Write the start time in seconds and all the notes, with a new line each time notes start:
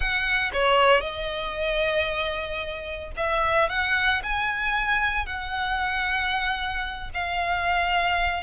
0.00 F#5
0.53 C#5
1.00 D#5
3.16 E5
3.69 F#5
4.23 G#5
5.25 F#5
7.14 F5